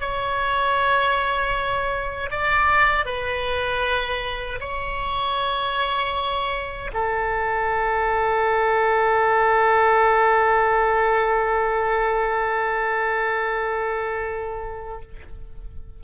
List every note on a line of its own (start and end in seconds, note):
0.00 2.30 C#5
2.30 3.05 D5
3.05 4.59 B4
4.60 6.91 C#5
6.93 15.01 A4